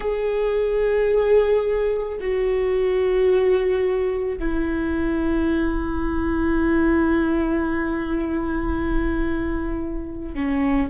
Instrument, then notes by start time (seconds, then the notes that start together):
viola
0.00 G#4
2.20 F#4
4.38 E4
10.34 C#4